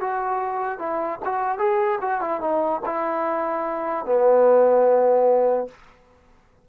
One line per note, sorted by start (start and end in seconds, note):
0.00 0.79 F#4
0.79 1.19 E4
1.24 1.58 F#4
1.58 1.98 G#4
2.01 2.21 F#4
2.21 2.40 E4
2.40 2.81 D#4
2.85 4.05 E4
4.05 5.67 B3